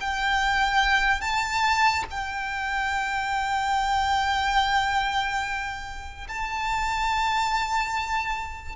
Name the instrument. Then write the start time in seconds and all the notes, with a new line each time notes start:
violin
0.00 G5
1.21 A5
2.10 G5
6.28 A5